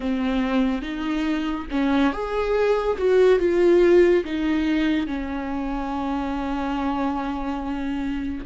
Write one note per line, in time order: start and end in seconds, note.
0.00 0.82 C4
0.82 1.66 D#4
1.71 2.12 C#4
2.12 2.97 G#4
2.97 3.39 F#4
3.39 4.23 F4
4.24 5.06 D#4
5.06 8.44 C#4